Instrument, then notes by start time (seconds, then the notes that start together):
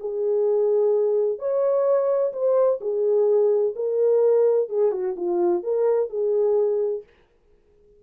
horn
0.00 G#4
1.38 C#5
2.32 C5
2.80 G#4
3.75 A#4
4.69 G#4
4.92 F#4
5.16 F4
5.63 A#4
6.10 G#4